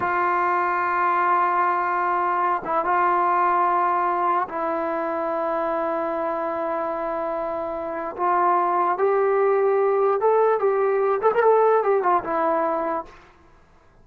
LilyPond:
\new Staff \with { instrumentName = "trombone" } { \time 4/4 \tempo 4 = 147 f'1~ | f'2~ f'8 e'8 f'4~ | f'2. e'4~ | e'1~ |
e'1 | f'2 g'2~ | g'4 a'4 g'4. a'16 ais'16 | a'4 g'8 f'8 e'2 | }